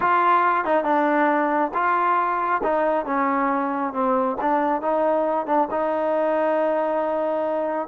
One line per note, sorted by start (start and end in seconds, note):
0.00 0.65 F4
0.65 0.83 D#4
0.83 1.71 D4
1.74 2.61 F4
2.63 3.05 D#4
3.05 3.93 C#4
3.93 4.37 C4
4.41 4.81 D4
4.81 5.46 D#4
5.46 5.68 D4
5.71 7.88 D#4